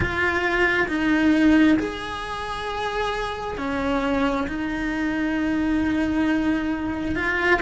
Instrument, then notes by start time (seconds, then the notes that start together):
cello
0.00 F4
0.88 D#4
1.79 G#4
3.57 C#4
4.47 D#4
7.15 F4